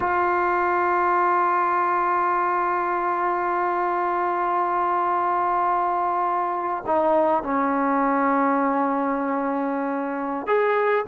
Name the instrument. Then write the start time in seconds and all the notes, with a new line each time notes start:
trombone
0.00 F4
6.86 D#4
7.43 C#4
10.46 G#4